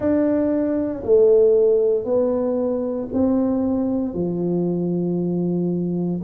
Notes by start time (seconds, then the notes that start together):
0.00 D4
1.03 A3
2.04 B3
3.13 C4
4.14 F3